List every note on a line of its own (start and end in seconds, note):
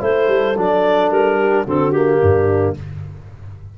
0.00 0.28 A3
0.00 0.55 E4
0.00 1.39 A4
0.00 0.57 C5
0.28 0.55 G3
0.57 1.10 F#3
0.57 1.67 D4
0.57 1.10 D5
1.10 1.65 G3
1.10 1.65 A#4
1.39 1.64 G4
1.64 2.21 D3
1.64 1.93 C4
1.64 2.19 F#4
1.64 1.91 A4
1.91 2.76 A#3
1.91 2.74 G4
2.22 2.77 G2
2.22 2.78 D4